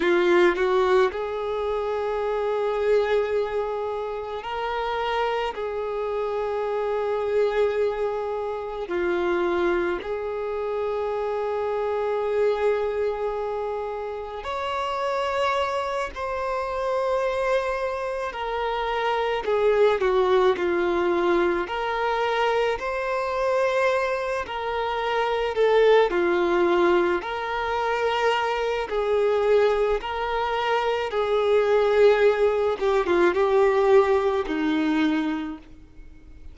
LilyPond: \new Staff \with { instrumentName = "violin" } { \time 4/4 \tempo 4 = 54 f'8 fis'8 gis'2. | ais'4 gis'2. | f'4 gis'2.~ | gis'4 cis''4. c''4.~ |
c''8 ais'4 gis'8 fis'8 f'4 ais'8~ | ais'8 c''4. ais'4 a'8 f'8~ | f'8 ais'4. gis'4 ais'4 | gis'4. g'16 f'16 g'4 dis'4 | }